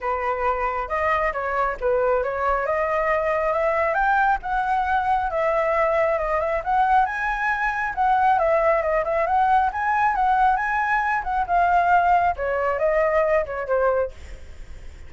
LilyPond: \new Staff \with { instrumentName = "flute" } { \time 4/4 \tempo 4 = 136 b'2 dis''4 cis''4 | b'4 cis''4 dis''2 | e''4 g''4 fis''2 | e''2 dis''8 e''8 fis''4 |
gis''2 fis''4 e''4 | dis''8 e''8 fis''4 gis''4 fis''4 | gis''4. fis''8 f''2 | cis''4 dis''4. cis''8 c''4 | }